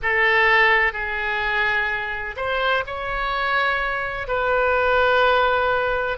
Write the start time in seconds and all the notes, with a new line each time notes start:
0.02 A4
0.93 G#4
2.36 C5
2.86 C#5
4.27 B4